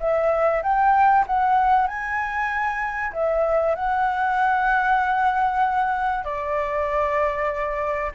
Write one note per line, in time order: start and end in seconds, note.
0.00 0.62 E5
0.63 1.26 G5
1.27 1.88 F#5
1.88 3.12 G#5
3.13 3.75 E5
3.75 6.25 F#5
6.25 8.12 D5